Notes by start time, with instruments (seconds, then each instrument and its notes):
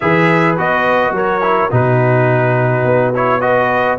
0.00 tuba E3, trombone G#4, horn B4, trumpet E5
0.57 tuba B3, trombone F#4, trumpet D#5
1.11 tuba F#3, horn A#4, trumpet C#5
1.41 trombone E4
1.71 tuba B2, trombone D#4, horn F#4, trumpet B4
2.84 tuba B3
3.14 trombone E4, trumpet C#5
3.40 trombone F#4, horn B4, trumpet D#5